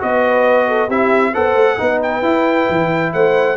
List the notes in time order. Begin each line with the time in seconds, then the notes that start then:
0.00 B3 F#4 B4 D#5
0.68 A4
0.88 C4 E4 G4 E5
1.33 B3 A4 C5 F#5
1.55 A3
1.78 B3 D#4 B4
2.03 G5
2.23 E4
2.70 E3
3.13 A3 C5 F#5